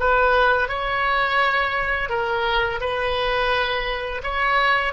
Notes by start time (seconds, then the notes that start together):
0.00 B4
0.69 C#5
2.10 A#4
2.81 B4
4.24 C#5